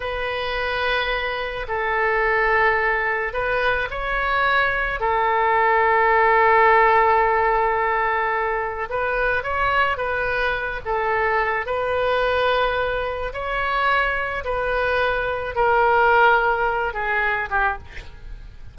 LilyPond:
\new Staff \with { instrumentName = "oboe" } { \time 4/4 \tempo 4 = 108 b'2. a'4~ | a'2 b'4 cis''4~ | cis''4 a'2.~ | a'1 |
b'4 cis''4 b'4. a'8~ | a'4 b'2. | cis''2 b'2 | ais'2~ ais'8 gis'4 g'8 | }